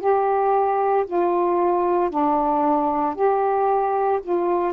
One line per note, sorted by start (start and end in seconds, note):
0.00 1.05 G4
1.07 2.11 F4
2.11 3.15 D4
3.15 4.21 G4
4.23 4.74 F4